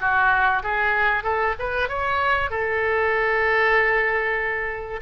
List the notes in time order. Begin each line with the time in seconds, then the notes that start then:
0.00 F#4
0.63 G#4
1.23 A4
1.59 B4
1.89 C#5
2.50 A4